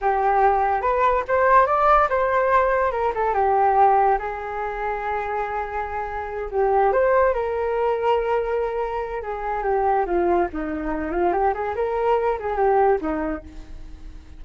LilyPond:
\new Staff \with { instrumentName = "flute" } { \time 4/4 \tempo 4 = 143 g'2 b'4 c''4 | d''4 c''2 ais'8 a'8 | g'2 gis'2~ | gis'2.~ gis'8 g'8~ |
g'8 c''4 ais'2~ ais'8~ | ais'2 gis'4 g'4 | f'4 dis'4. f'8 g'8 gis'8 | ais'4. gis'8 g'4 dis'4 | }